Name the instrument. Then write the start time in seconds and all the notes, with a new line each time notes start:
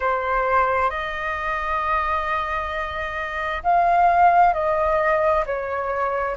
flute
0.00 C5
0.90 D#5
3.63 F5
4.53 D#5
5.45 C#5